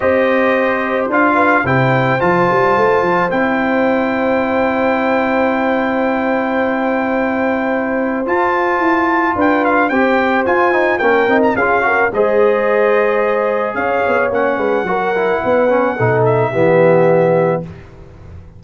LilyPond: <<
  \new Staff \with { instrumentName = "trumpet" } { \time 4/4 \tempo 4 = 109 dis''2 f''4 g''4 | a''2 g''2~ | g''1~ | g''2. a''4~ |
a''4 g''8 f''8 g''4 gis''4 | g''8. ais''16 f''4 dis''2~ | dis''4 f''4 fis''2~ | fis''4. e''2~ e''8 | }
  \new Staff \with { instrumentName = "horn" } { \time 4/4 c''2~ c''8 b'8 c''4~ | c''1~ | c''1~ | c''1~ |
c''4 b'4 c''2 | ais'4 gis'8 ais'8 c''2~ | c''4 cis''4. b'8 ais'4 | b'4 a'4 g'2 | }
  \new Staff \with { instrumentName = "trombone" } { \time 4/4 g'2 f'4 e'4 | f'2 e'2~ | e'1~ | e'2. f'4~ |
f'2 g'4 f'8 dis'8 | cis'8 dis'8 f'8 fis'8 gis'2~ | gis'2 cis'4 fis'8 e'8~ | e'8 cis'8 dis'4 b2 | }
  \new Staff \with { instrumentName = "tuba" } { \time 4/4 c'2 d'4 c4 | f8 g8 a8 f8 c'2~ | c'1~ | c'2. f'4 |
e'4 d'4 c'4 f'4 | ais8 c'8 cis'4 gis2~ | gis4 cis'8 b8 ais8 gis8 fis4 | b4 b,4 e2 | }
>>